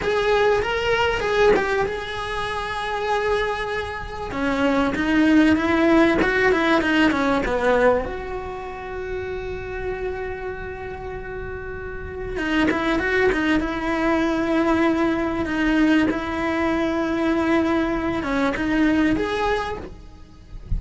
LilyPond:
\new Staff \with { instrumentName = "cello" } { \time 4/4 \tempo 4 = 97 gis'4 ais'4 gis'8 g'8 gis'4~ | gis'2. cis'4 | dis'4 e'4 fis'8 e'8 dis'8 cis'8 | b4 fis'2.~ |
fis'1 | dis'8 e'8 fis'8 dis'8 e'2~ | e'4 dis'4 e'2~ | e'4. cis'8 dis'4 gis'4 | }